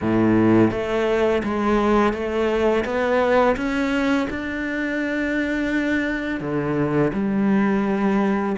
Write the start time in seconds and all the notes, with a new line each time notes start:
0.01 A2
0.70 A3
1.43 G#3
2.13 A3
2.84 B3
3.56 C#4
4.30 D4
6.40 D3
7.13 G3